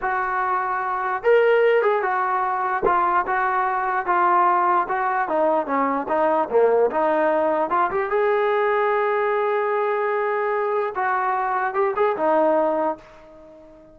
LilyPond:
\new Staff \with { instrumentName = "trombone" } { \time 4/4 \tempo 4 = 148 fis'2. ais'4~ | ais'8 gis'8 fis'2 f'4 | fis'2 f'2 | fis'4 dis'4 cis'4 dis'4 |
ais4 dis'2 f'8 g'8 | gis'1~ | gis'2. fis'4~ | fis'4 g'8 gis'8 dis'2 | }